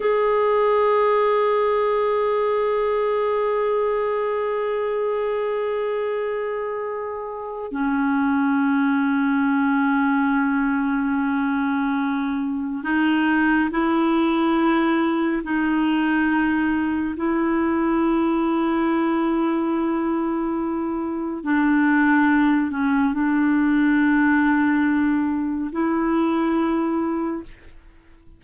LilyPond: \new Staff \with { instrumentName = "clarinet" } { \time 4/4 \tempo 4 = 70 gis'1~ | gis'1~ | gis'4 cis'2.~ | cis'2. dis'4 |
e'2 dis'2 | e'1~ | e'4 d'4. cis'8 d'4~ | d'2 e'2 | }